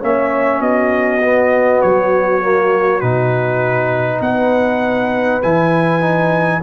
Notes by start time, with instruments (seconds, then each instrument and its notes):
0.00 tuba A#3, trombone C#4, horn C#5, trumpet E5
0.60 tuba B3, horn F#4, trumpet D#5
1.22 trombone B3
1.81 tuba F#3, trumpet C#5
2.42 trombone A#3
3.00 tuba B2, trombone D#4, trumpet B4
4.20 tuba B3, horn B4, trumpet F#5
5.42 tuba E3, trombone E4, trumpet G#5
6.01 trombone D#4